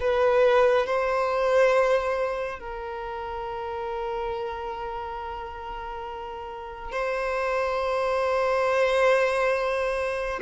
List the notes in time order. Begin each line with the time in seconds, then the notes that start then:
0.00 B4
0.86 C5
2.59 A#4
6.92 C5